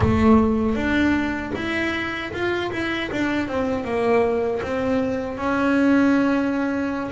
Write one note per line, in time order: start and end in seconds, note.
0.00 0.75 A3
0.75 1.52 D4
1.55 2.32 E4
2.32 2.71 F4
2.71 3.10 E4
3.11 3.48 D4
3.48 3.84 C4
3.84 4.61 A#3
4.62 5.37 C4
5.37 7.10 C#4